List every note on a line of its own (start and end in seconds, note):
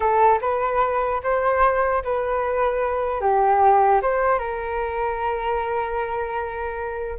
0.00 0.39 A4
0.41 1.21 B4
1.23 2.03 C5
2.03 3.20 B4
3.20 4.00 G4
4.02 4.38 C5
4.38 7.18 A#4